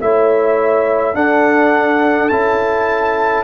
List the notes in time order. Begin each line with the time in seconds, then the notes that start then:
0.00 A3 E4 C#5 E5
1.14 D4 A4 F#5
2.29 C#4 E4 A5